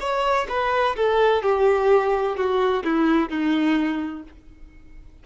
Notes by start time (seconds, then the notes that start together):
0.00 C#5
0.49 B4
0.96 A4
1.42 G4
2.36 F#4
2.84 E4
3.29 D#4